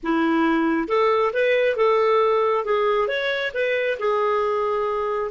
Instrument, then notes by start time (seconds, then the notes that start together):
clarinet
0.03 E4
0.87 A4
1.33 B4
1.76 A4
2.64 G#4
3.07 C#5
3.54 B4
3.99 G#4